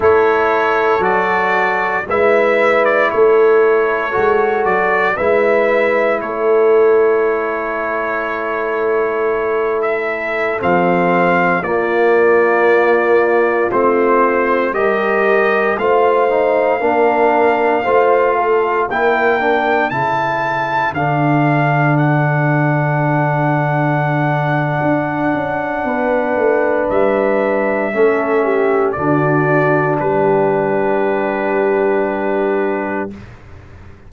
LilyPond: <<
  \new Staff \with { instrumentName = "trumpet" } { \time 4/4 \tempo 4 = 58 cis''4 d''4 e''8. d''16 cis''4~ | cis''8 d''8 e''4 cis''2~ | cis''4. e''8. f''4 d''8.~ | d''4~ d''16 c''4 dis''4 f''8.~ |
f''2~ f''16 g''4 a''8.~ | a''16 f''4 fis''2~ fis''8.~ | fis''2 e''2 | d''4 b'2. | }
  \new Staff \with { instrumentName = "horn" } { \time 4/4 a'2 b'4 a'4~ | a'4 b'4 a'2~ | a'2.~ a'16 f'8.~ | f'2~ f'16 ais'4 c''8.~ |
c''16 ais'4 c''8 a'8 ais'4 a'8.~ | a'1~ | a'4 b'2 a'8 g'8 | fis'4 g'2. | }
  \new Staff \with { instrumentName = "trombone" } { \time 4/4 e'4 fis'4 e'2 | fis'4 e'2.~ | e'2~ e'16 c'4 ais8.~ | ais4~ ais16 c'4 g'4 f'8 dis'16~ |
dis'16 d'4 f'4 e'8 d'8 e'8.~ | e'16 d'2.~ d'8.~ | d'2. cis'4 | d'1 | }
  \new Staff \with { instrumentName = "tuba" } { \time 4/4 a4 fis4 gis4 a4 | gis8 fis8 gis4 a2~ | a2~ a16 f4 ais8.~ | ais4~ ais16 a4 g4 a8.~ |
a16 ais4 a4 ais4 cis8.~ | cis16 d2.~ d8. | d'8 cis'8 b8 a8 g4 a4 | d4 g2. | }
>>